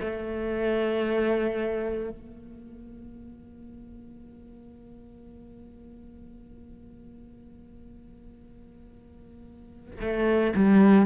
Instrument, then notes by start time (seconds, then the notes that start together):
cello
0.00 A3
2.10 A#3
10.01 A3
10.55 G3